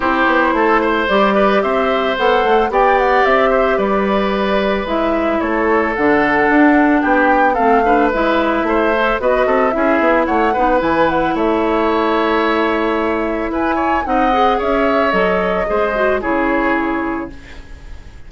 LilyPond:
<<
  \new Staff \with { instrumentName = "flute" } { \time 4/4 \tempo 4 = 111 c''2 d''4 e''4 | fis''4 g''8 fis''8 e''4 d''4~ | d''4 e''4 cis''4 fis''4~ | fis''4 g''4 f''4 e''4~ |
e''4 dis''4 e''4 fis''4 | gis''8 fis''8 e''2.~ | e''4 gis''4 fis''4 e''4 | dis''2 cis''2 | }
  \new Staff \with { instrumentName = "oboe" } { \time 4/4 g'4 a'8 c''4 b'8 c''4~ | c''4 d''4. c''8 b'4~ | b'2 a'2~ | a'4 g'4 a'8 b'4. |
c''4 b'8 a'8 gis'4 cis''8 b'8~ | b'4 cis''2.~ | cis''4 b'8 cis''8 dis''4 cis''4~ | cis''4 c''4 gis'2 | }
  \new Staff \with { instrumentName = "clarinet" } { \time 4/4 e'2 g'2 | a'4 g'2.~ | g'4 e'2 d'4~ | d'2 c'8 d'8 e'4~ |
e'8 a'8 fis'4 e'4. dis'8 | e'1~ | e'2 dis'8 gis'4. | a'4 gis'8 fis'8 e'2 | }
  \new Staff \with { instrumentName = "bassoon" } { \time 4/4 c'8 b8 a4 g4 c'4 | b8 a8 b4 c'4 g4~ | g4 gis4 a4 d4 | d'4 b4 a4 gis4 |
a4 b8 c'8 cis'8 b8 a8 b8 | e4 a2.~ | a4 e'4 c'4 cis'4 | fis4 gis4 cis2 | }
>>